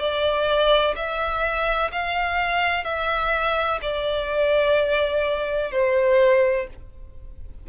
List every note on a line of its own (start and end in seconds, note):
0.00 0.95 D5
0.96 1.91 E5
1.92 2.84 F5
2.84 3.80 E5
3.82 5.72 D5
5.72 6.68 C5